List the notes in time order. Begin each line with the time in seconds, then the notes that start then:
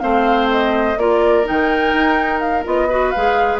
0.00 A3 C4 C5 F5
0.52 D#5
0.97 A#3 F4 A#4 D5
1.44 D#3 D#4 G5
1.93 D#4
2.40 F5
2.65 B3 F4 D#5
2.89 F#4 B4
3.11 G#3 G#4 F5